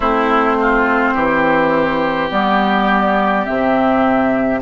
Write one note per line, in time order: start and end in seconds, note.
0.00 1.13 A3
0.00 2.31 C4
0.00 0.55 E4
0.00 2.30 C5
0.61 1.13 F4
1.13 2.30 E3
1.13 4.60 G4
2.31 3.46 G3
2.31 3.45 B3
2.31 3.45 D5
3.45 4.61 C3
3.45 4.61 C4
3.45 4.61 E5